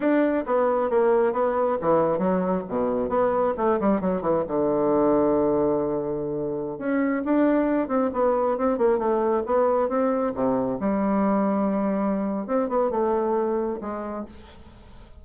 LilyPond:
\new Staff \with { instrumentName = "bassoon" } { \time 4/4 \tempo 4 = 135 d'4 b4 ais4 b4 | e4 fis4 b,4 b4 | a8 g8 fis8 e8 d2~ | d2.~ d16 cis'8.~ |
cis'16 d'4. c'8 b4 c'8 ais16~ | ais16 a4 b4 c'4 c8.~ | c16 g2.~ g8. | c'8 b8 a2 gis4 | }